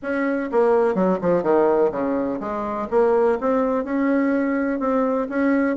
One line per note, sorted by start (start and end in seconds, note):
0.02 0.50 C#4
0.51 0.94 A#3
0.94 1.18 F#3
1.21 1.43 F3
1.43 1.91 D#3
1.91 2.39 C#3
2.40 2.88 G#3
2.90 3.38 A#3
3.40 3.84 C4
3.84 4.79 C#4
4.79 5.27 C4
5.29 5.76 C#4